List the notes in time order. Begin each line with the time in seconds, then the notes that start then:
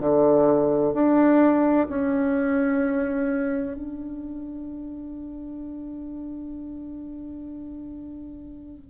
0.00 D3
0.93 D4
1.88 C#4
3.76 D4